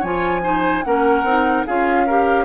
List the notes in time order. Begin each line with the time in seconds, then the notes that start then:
0.00 F3 F4 C#5 G#5
0.43 D#4 C5
0.83 A#3 C#4 A#4 F#5
1.23 C4 D#4
1.66 C#4 F4 G#4 F5
2.06 G4 A#4